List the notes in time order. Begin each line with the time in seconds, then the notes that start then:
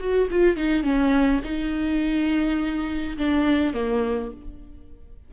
0.00 F#4
0.31 F4
0.57 D#4
0.83 C#4
1.44 D#4
3.18 D4
3.73 A#3